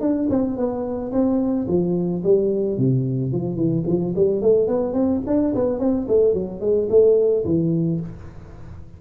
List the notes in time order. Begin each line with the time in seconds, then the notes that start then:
0.00 D4
0.29 C4
0.57 B3
1.12 C4
1.67 F3
2.23 G3
2.77 C3
3.32 F3
3.55 E3
3.86 F3
4.15 G3
4.42 A3
4.67 B3
4.93 C4
5.26 D4
5.55 B3
5.79 C4
6.08 A3
6.34 F#3
6.60 G#3
6.89 A3
7.45 E3